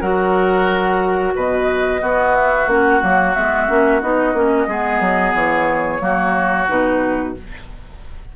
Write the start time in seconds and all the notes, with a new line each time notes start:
0.00 F#3 F#4 A#4 F#5
1.35 B2 B4 D#5
1.99 B3 F#4
2.35 E5
2.67 A#3 C#4 F#5
3.01 F#3 A#3
3.34 G#3 B3 E5
3.68 A#3 C#4
4.00 B3 D#4 D#5
4.33 A#3 C#4
4.67 G#3 B3 G#4
5.00 F#3
5.34 E3 C#5
5.99 F#3 A#3 F#4
6.68 B2 D#4 B4